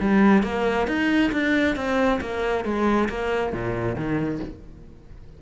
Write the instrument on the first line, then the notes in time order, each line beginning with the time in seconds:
cello
0.00 G3
0.44 A#3
0.88 D#4
1.32 D4
1.76 C4
2.21 A#3
2.65 G#3
3.09 A#3
3.53 A#2
3.96 D#3